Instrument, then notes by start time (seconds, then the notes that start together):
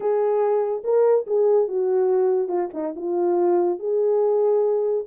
horn
0.00 G#4
0.84 A#4
1.26 G#4
1.68 F#4
2.48 F4
2.73 D#4
2.96 F4
3.79 G#4